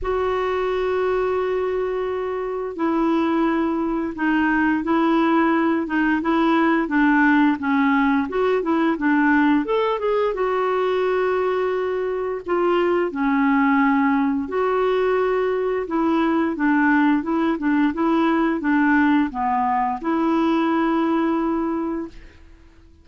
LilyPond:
\new Staff \with { instrumentName = "clarinet" } { \time 4/4 \tempo 4 = 87 fis'1 | e'2 dis'4 e'4~ | e'8 dis'8 e'4 d'4 cis'4 | fis'8 e'8 d'4 a'8 gis'8 fis'4~ |
fis'2 f'4 cis'4~ | cis'4 fis'2 e'4 | d'4 e'8 d'8 e'4 d'4 | b4 e'2. | }